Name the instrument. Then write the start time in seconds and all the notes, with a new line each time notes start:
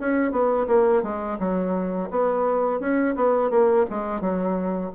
bassoon
0.00 C#4
0.31 B3
0.67 A#3
1.03 G#3
1.39 F#3
2.10 B3
2.80 C#4
3.15 B3
3.50 A#3
3.90 G#3
4.21 F#3